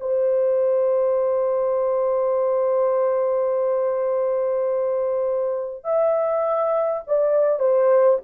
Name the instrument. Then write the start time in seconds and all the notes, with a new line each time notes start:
horn
0.00 C5
5.84 E5
7.07 D5
7.59 C5